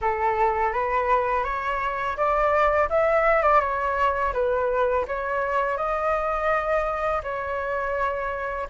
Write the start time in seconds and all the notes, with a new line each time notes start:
0.01 A4
0.72 B4
1.44 C#5
2.16 D5
2.89 E5
3.42 D5
3.60 C#5
4.33 B4
5.07 C#5
5.77 D#5
7.23 C#5